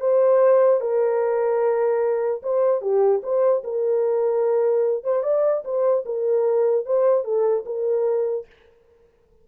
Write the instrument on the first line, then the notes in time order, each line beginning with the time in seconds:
horn
0.00 C5
0.81 A#4
2.42 C5
2.81 G4
3.23 C5
3.64 A#4
5.04 C5
5.23 D5
5.64 C5
6.05 A#4
6.85 C5
7.24 A4
7.65 A#4